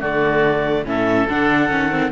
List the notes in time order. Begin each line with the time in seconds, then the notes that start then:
0.00 D3 A3 F#4 D5
0.85 A2 C#4 A4 E5
1.29 D3 D4 F#5
1.69 D#3 C#4
1.90 C4